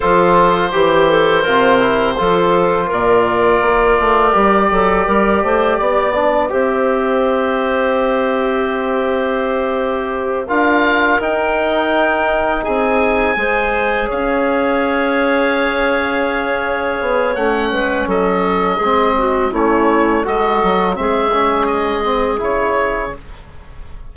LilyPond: <<
  \new Staff \with { instrumentName = "oboe" } { \time 4/4 \tempo 4 = 83 c''1 | d''1~ | d''4 e''2.~ | e''2~ e''8 f''4 g''8~ |
g''4. gis''2 f''8~ | f''1 | fis''4 dis''2 cis''4 | dis''4 e''4 dis''4 cis''4 | }
  \new Staff \with { instrumentName = "clarinet" } { \time 4/4 a'4 g'8 a'8 ais'4 a'4 | ais'2~ ais'8 a'8 ais'8 c''8 | d''4 c''2.~ | c''2~ c''8 ais'4.~ |
ais'4. gis'4 c''4 cis''8~ | cis''1~ | cis''8 b'8 a'4 gis'8 fis'8 e'4 | a'4 gis'2. | }
  \new Staff \with { instrumentName = "trombone" } { \time 4/4 f'4 g'4 f'8 e'8 f'4~ | f'2 g'2~ | g'8 d'8 g'2.~ | g'2~ g'8 f'4 dis'8~ |
dis'2~ dis'8 gis'4.~ | gis'1 | cis'2 c'4 cis'4 | fis'4 c'8 cis'4 c'8 e'4 | }
  \new Staff \with { instrumentName = "bassoon" } { \time 4/4 f4 e4 c4 f4 | ais,4 ais8 a8 g8 fis8 g8 a8 | b4 c'2.~ | c'2~ c'8 d'4 dis'8~ |
dis'4. c'4 gis4 cis'8~ | cis'2.~ cis'8 b8 | a8 gis8 fis4 gis4 a4 | gis8 fis8 gis2 cis4 | }
>>